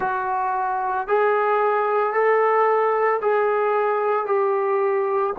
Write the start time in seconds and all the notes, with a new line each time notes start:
0.00 F#4
1.07 G#4
2.13 A4
3.21 G#4
4.26 G4